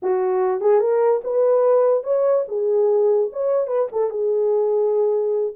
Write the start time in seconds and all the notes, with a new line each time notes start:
0.02 F#4
0.60 G#4
0.80 A#4
1.23 B4
2.03 C#5
2.48 G#4
3.32 C#5
3.67 B4
3.92 A4
4.09 G#4